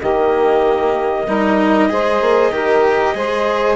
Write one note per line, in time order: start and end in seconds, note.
0.00 1.28 D#3
0.00 1.28 A#3
0.00 1.26 G4
0.00 3.76 D#5
1.26 1.91 G3
1.26 1.90 D#4
1.26 1.89 A#4
1.90 2.21 G#3
1.90 2.53 G#4
1.90 2.52 C5
2.21 2.51 A#3
2.51 3.14 D#3
2.51 3.15 G4
2.51 3.16 A#4
3.15 3.76 G#3
3.15 3.76 G#4
3.15 3.76 C5